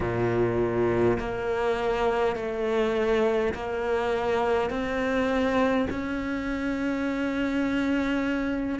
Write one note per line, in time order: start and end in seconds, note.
0.00 1.18 A#2
1.19 2.35 A#3
2.35 3.53 A3
3.53 4.70 A#3
4.70 5.87 C4
5.89 8.79 C#4